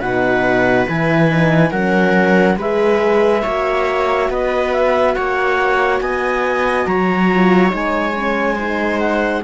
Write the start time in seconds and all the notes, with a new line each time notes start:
0.00 B2 D#4 B4 F#5
0.86 E3 E4 G#5
1.28 D#4
1.71 F#3 C#4 A#4 F#5
2.57 G#3 G#4 B4 E5
3.43 A#3 F#4 C#5
4.30 B3 B4 D#5
4.73 E5
5.14 A#3 C#5 F#5
6.00 B3 D#5 G#5
6.86 F#3 C#5 A#5
7.34 F4
7.70 G#3 D#4 G#5
8.15 C#4
8.56 D#4 C5
9.00 F#5